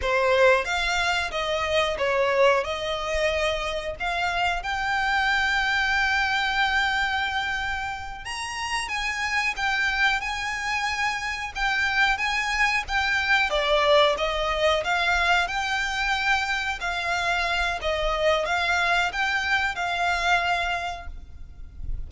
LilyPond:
\new Staff \with { instrumentName = "violin" } { \time 4/4 \tempo 4 = 91 c''4 f''4 dis''4 cis''4 | dis''2 f''4 g''4~ | g''1~ | g''8 ais''4 gis''4 g''4 gis''8~ |
gis''4. g''4 gis''4 g''8~ | g''8 d''4 dis''4 f''4 g''8~ | g''4. f''4. dis''4 | f''4 g''4 f''2 | }